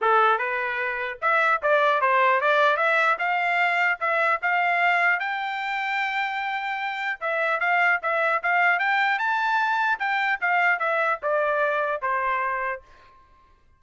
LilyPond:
\new Staff \with { instrumentName = "trumpet" } { \time 4/4 \tempo 4 = 150 a'4 b'2 e''4 | d''4 c''4 d''4 e''4 | f''2 e''4 f''4~ | f''4 g''2.~ |
g''2 e''4 f''4 | e''4 f''4 g''4 a''4~ | a''4 g''4 f''4 e''4 | d''2 c''2 | }